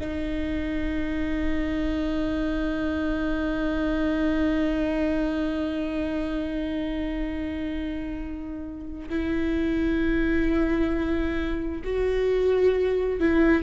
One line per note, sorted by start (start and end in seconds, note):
0.00 9.09 D#4
9.10 11.83 E4
11.84 13.20 F#4
13.20 13.63 E4